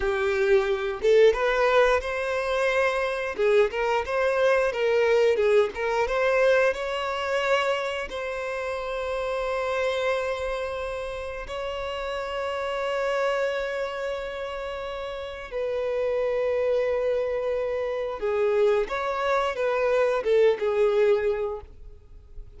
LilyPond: \new Staff \with { instrumentName = "violin" } { \time 4/4 \tempo 4 = 89 g'4. a'8 b'4 c''4~ | c''4 gis'8 ais'8 c''4 ais'4 | gis'8 ais'8 c''4 cis''2 | c''1~ |
c''4 cis''2.~ | cis''2. b'4~ | b'2. gis'4 | cis''4 b'4 a'8 gis'4. | }